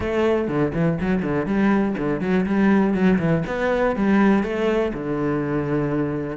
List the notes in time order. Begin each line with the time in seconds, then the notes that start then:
0.00 A3
0.47 D3
0.74 E3
1.00 F#3
1.22 D3
1.46 G3
1.97 D3
2.21 F#3
2.45 G3
2.94 F#3
3.18 E3
3.46 B3
3.96 G3
4.43 A3
4.93 D3